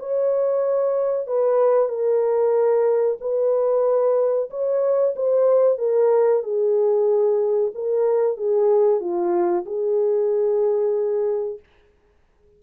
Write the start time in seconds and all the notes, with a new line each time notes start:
0.00 C#5
1.27 B4
1.89 A#4
3.21 B4
4.51 C#5
5.16 C5
5.79 A#4
6.44 G#4
7.75 A#4
8.38 G#4
9.01 F4
9.66 G#4